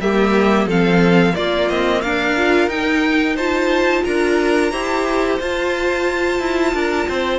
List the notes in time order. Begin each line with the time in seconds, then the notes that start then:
0.00 G3 A#3 G4 E5
0.66 F3 C4 A4 F5
1.34 A#3 F4 D5
1.69 C4 D#5
2.02 D4 A#4 F5
2.36 F4
2.68 D#4 G5
3.35 F4 C5 A5
4.04 D4 A#4 A#5
4.71 E4 G4 C5
5.40 F4 A5
6.40 E4
6.74 D4 A#4
7.08 C4 C5